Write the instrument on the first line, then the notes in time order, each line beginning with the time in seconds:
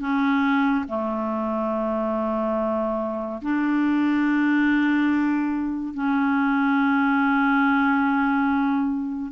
clarinet
0.00 C#4
0.88 A3
3.41 D4
5.93 C#4